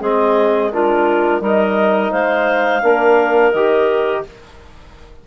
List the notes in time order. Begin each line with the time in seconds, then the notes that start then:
0.00 G#3 C4 G#4 D#5
0.72 D4 F4 A#4
1.40 G3 D#4 A#4 D#5
2.11 G#3 C5 F5
2.82 A#3 D4 A#4
3.52 D#3 G4 D#5